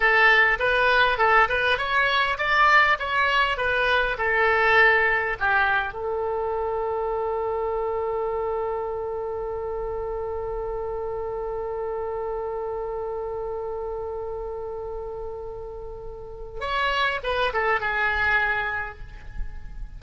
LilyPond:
\new Staff \with { instrumentName = "oboe" } { \time 4/4 \tempo 4 = 101 a'4 b'4 a'8 b'8 cis''4 | d''4 cis''4 b'4 a'4~ | a'4 g'4 a'2~ | a'1~ |
a'1~ | a'1~ | a'1 | cis''4 b'8 a'8 gis'2 | }